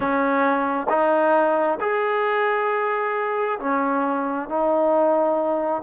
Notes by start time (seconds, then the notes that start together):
0.00 C#4
0.89 D#4
1.80 G#4
3.59 C#4
4.49 D#4